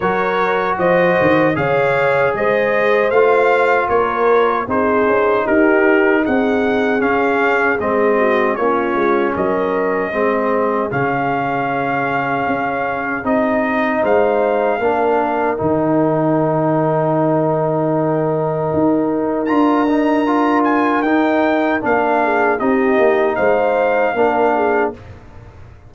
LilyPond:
<<
  \new Staff \with { instrumentName = "trumpet" } { \time 4/4 \tempo 4 = 77 cis''4 dis''4 f''4 dis''4 | f''4 cis''4 c''4 ais'4 | fis''4 f''4 dis''4 cis''4 | dis''2 f''2~ |
f''4 dis''4 f''2 | g''1~ | g''4 ais''4. gis''8 g''4 | f''4 dis''4 f''2 | }
  \new Staff \with { instrumentName = "horn" } { \time 4/4 ais'4 c''4 cis''4 c''4~ | c''4 ais'4 gis'4 g'4 | gis'2~ gis'8 fis'8 f'4 | ais'4 gis'2.~ |
gis'2 c''4 ais'4~ | ais'1~ | ais'1~ | ais'8 gis'8 g'4 c''4 ais'8 gis'8 | }
  \new Staff \with { instrumentName = "trombone" } { \time 4/4 fis'2 gis'2 | f'2 dis'2~ | dis'4 cis'4 c'4 cis'4~ | cis'4 c'4 cis'2~ |
cis'4 dis'2 d'4 | dis'1~ | dis'4 f'8 dis'8 f'4 dis'4 | d'4 dis'2 d'4 | }
  \new Staff \with { instrumentName = "tuba" } { \time 4/4 fis4 f8 dis8 cis4 gis4 | a4 ais4 c'8 cis'8 dis'4 | c'4 cis'4 gis4 ais8 gis8 | fis4 gis4 cis2 |
cis'4 c'4 gis4 ais4 | dis1 | dis'4 d'2 dis'4 | ais4 c'8 ais8 gis4 ais4 | }
>>